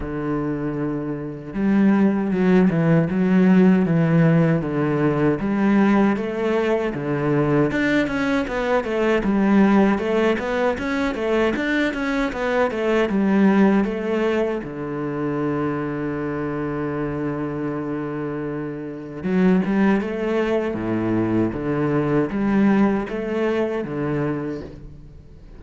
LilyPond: \new Staff \with { instrumentName = "cello" } { \time 4/4 \tempo 4 = 78 d2 g4 fis8 e8 | fis4 e4 d4 g4 | a4 d4 d'8 cis'8 b8 a8 | g4 a8 b8 cis'8 a8 d'8 cis'8 |
b8 a8 g4 a4 d4~ | d1~ | d4 fis8 g8 a4 a,4 | d4 g4 a4 d4 | }